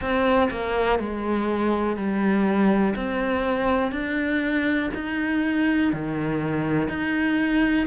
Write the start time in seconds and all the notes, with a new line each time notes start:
0.00 C4
0.50 A#3
0.99 G#3
1.96 G3
2.95 C4
3.91 D4
4.94 D#4
5.92 D#3
6.88 D#4